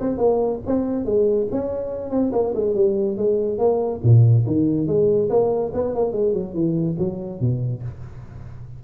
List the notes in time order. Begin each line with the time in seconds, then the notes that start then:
0.00 C4
0.17 A#3
0.66 C4
1.05 G#3
1.51 C#4
2.10 C4
2.32 A#3
2.54 G#3
2.75 G3
3.17 G#3
3.58 A#3
4.03 A#2
4.46 D#3
4.86 G#3
5.29 A#3
5.73 B3
5.94 A#3
6.12 G#3
6.33 F#3
6.54 E3
6.98 F#3
7.40 B2